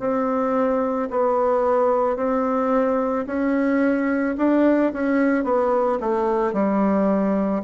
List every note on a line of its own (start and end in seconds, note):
0.00 1.09 C4
1.11 2.17 B3
2.17 3.26 C4
3.27 4.36 C#4
4.38 4.92 D4
4.93 5.44 C#4
5.44 5.99 B3
6.00 6.54 A3
6.54 7.63 G3